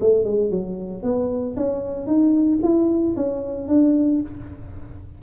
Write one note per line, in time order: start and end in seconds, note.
0.00 0.24 A3
0.24 0.50 G#3
0.50 1.03 F#3
1.03 1.55 B3
1.56 2.06 C#4
2.06 2.59 D#4
2.62 3.15 E4
3.16 3.68 C#4
3.68 4.21 D4